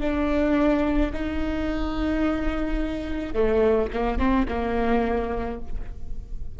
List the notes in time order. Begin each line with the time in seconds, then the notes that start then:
0.00 D4
1.13 D#4
3.33 A3
3.93 A#3
4.18 C4
4.48 A#3